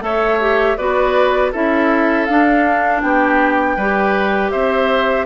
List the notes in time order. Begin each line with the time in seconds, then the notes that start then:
0.00 A3 A4 C#5 E5
0.40 G4
0.77 B3 F#4 B4 D5
1.51 C#4 E4 A4 E5
2.25 D4 F5
3.01 B3 G4 G5
3.76 G3 G4 B4
4.50 C4 C5 E5